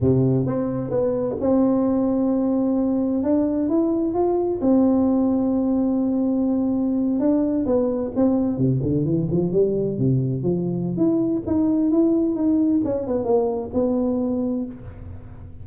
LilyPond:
\new Staff \with { instrumentName = "tuba" } { \time 4/4 \tempo 4 = 131 c4 c'4 b4 c'4~ | c'2. d'4 | e'4 f'4 c'2~ | c'2.~ c'8. d'16~ |
d'8. b4 c'4 c8 d8 e16~ | e16 f8 g4 c4 f4~ f16 | e'4 dis'4 e'4 dis'4 | cis'8 b8 ais4 b2 | }